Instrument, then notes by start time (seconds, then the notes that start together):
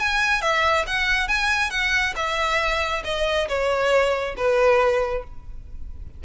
violin
0.00 G#5
0.42 E5
0.87 F#5
1.28 G#5
1.71 F#5
2.16 E5
3.05 D#5
3.48 C#5
4.37 B4